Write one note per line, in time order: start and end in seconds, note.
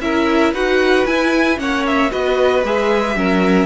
0.00 0.53 C#4
0.00 0.55 E4
0.00 0.53 A#4
0.00 0.54 E5
0.53 1.06 D#4
0.53 1.07 F#4
0.53 1.58 B4
0.53 1.07 F#5
1.07 1.57 E4
1.07 1.59 E4
1.07 1.59 G#5
1.57 2.11 A#3
1.57 2.10 C#4
1.57 2.11 C#5
1.57 1.86 F#5
1.86 2.12 E5
2.11 2.63 B3
2.11 2.64 F#4
2.11 3.16 B4
2.11 2.64 D#5
2.63 3.16 G#3
2.63 3.16 G#4
2.63 3.67 E5
3.16 3.67 F#3
3.16 3.67 C#4
3.16 3.67 A#4